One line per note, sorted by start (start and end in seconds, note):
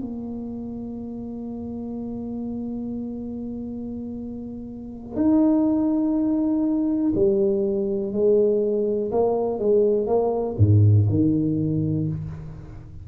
0.00 5.16 A#3
5.16 7.13 D#4
7.15 8.13 G3
8.13 9.11 G#3
9.11 9.59 A#3
9.59 10.06 G#3
10.06 10.56 A#3
10.58 11.07 G#2
11.09 12.08 D#3